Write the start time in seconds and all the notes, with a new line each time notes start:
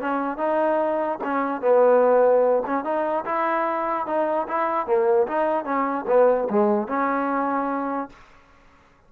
0.00 C#4
0.37 D#4
1.23 C#4
1.61 B3
2.66 C#4
2.84 D#4
3.25 E4
4.06 D#4
4.48 E4
4.86 A#3
5.27 D#4
5.64 C#4
6.07 B3
6.50 G#3
6.88 C#4